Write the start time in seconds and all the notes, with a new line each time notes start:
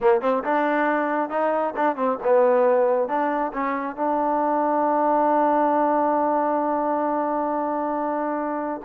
0.00 A#3
0.21 C4
0.44 D4
1.29 D#4
1.76 D4
1.96 C4
2.23 B3
3.08 D4
3.53 C#4
3.95 D4